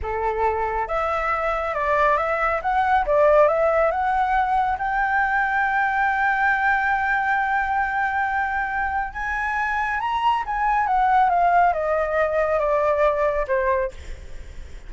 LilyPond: \new Staff \with { instrumentName = "flute" } { \time 4/4 \tempo 4 = 138 a'2 e''2 | d''4 e''4 fis''4 d''4 | e''4 fis''2 g''4~ | g''1~ |
g''1~ | g''4 gis''2 ais''4 | gis''4 fis''4 f''4 dis''4~ | dis''4 d''2 c''4 | }